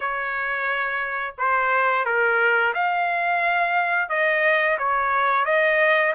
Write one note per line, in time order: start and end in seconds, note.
0.00 1.34 C#5
1.38 2.05 C5
2.05 2.73 A#4
2.73 4.09 F5
4.09 4.77 D#5
4.78 5.45 C#5
5.45 6.13 D#5